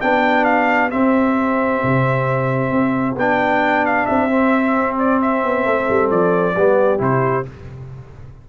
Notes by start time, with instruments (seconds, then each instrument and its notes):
0.00 tuba B3, trombone D4, horn G4, trumpet G5
0.44 trumpet F5
0.90 trombone C4, tuba C4, trumpet E5
1.84 tuba C3
2.71 tuba C4
3.16 tuba B3, trombone D4, trumpet G5
3.86 trumpet F5
4.06 tuba C4, trumpet E5
4.30 trombone C4
4.98 trumpet D5
5.22 trumpet E5
5.44 tuba B3
5.65 tuba A3, horn A4
5.89 tuba G3
6.11 tuba F3, trumpet D5
6.56 tuba G3, trombone B3, horn G4
6.98 tuba C3, trombone E4, trumpet C5